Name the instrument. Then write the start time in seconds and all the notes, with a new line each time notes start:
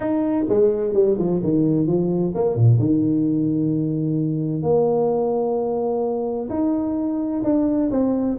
tuba
0.00 D#4
0.48 G#3
0.93 G3
1.18 F3
1.43 D#3
1.86 F3
2.34 A#3
2.55 A#2
2.79 D#3
4.62 A#3
6.49 D#4
7.43 D4
7.91 C4